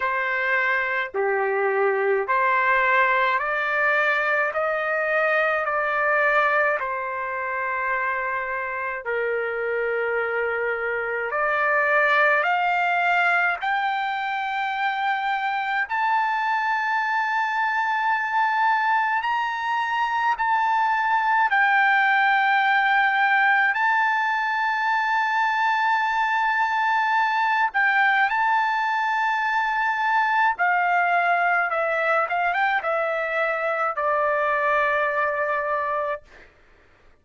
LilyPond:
\new Staff \with { instrumentName = "trumpet" } { \time 4/4 \tempo 4 = 53 c''4 g'4 c''4 d''4 | dis''4 d''4 c''2 | ais'2 d''4 f''4 | g''2 a''2~ |
a''4 ais''4 a''4 g''4~ | g''4 a''2.~ | a''8 g''8 a''2 f''4 | e''8 f''16 g''16 e''4 d''2 | }